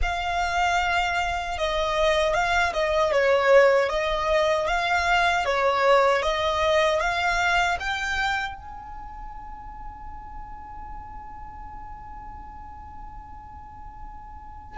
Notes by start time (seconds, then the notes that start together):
0.02 F5
1.58 D#5
2.34 F5
2.73 D#5
3.12 C#5
3.89 D#5
4.67 F5
5.45 C#5
6.22 D#5
7.00 F5
7.79 G5
8.54 G#5